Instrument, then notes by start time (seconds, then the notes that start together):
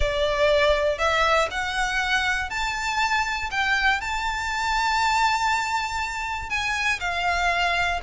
violin
0.00 D5
0.98 E5
1.50 F#5
2.50 A5
3.50 G5
4.00 A5
6.49 G#5
7.00 F5